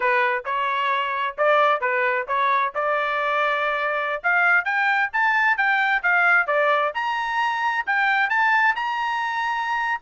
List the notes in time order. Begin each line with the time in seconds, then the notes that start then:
0.00 B4
0.45 C#5
1.37 D5
1.80 B4
2.27 C#5
2.74 D5
4.23 F5
4.64 G5
5.12 A5
5.57 G5
6.02 F5
6.46 D5
6.94 A#5
7.86 G5
8.29 A5
8.75 A#5